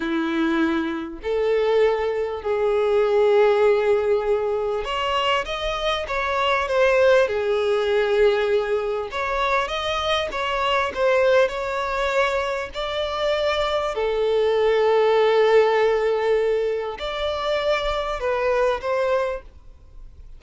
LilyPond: \new Staff \with { instrumentName = "violin" } { \time 4/4 \tempo 4 = 99 e'2 a'2 | gis'1 | cis''4 dis''4 cis''4 c''4 | gis'2. cis''4 |
dis''4 cis''4 c''4 cis''4~ | cis''4 d''2 a'4~ | a'1 | d''2 b'4 c''4 | }